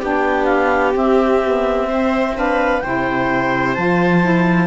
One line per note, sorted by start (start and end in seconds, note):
0.00 0.95 B3
0.00 0.93 D4
0.00 1.88 G4
0.00 0.45 G5
0.45 0.92 F5
0.93 1.40 C4
0.93 2.83 C4
0.93 2.38 E5
1.44 1.89 B3
1.89 2.35 C4
1.89 2.36 C5
2.35 2.82 D4
2.35 2.84 B4
2.35 2.80 F5
2.80 3.77 C3
2.80 3.76 E4
2.80 4.67 C5
2.80 3.74 G5
3.74 4.67 F3
3.74 4.21 F4
3.74 4.67 A5
4.21 4.67 E4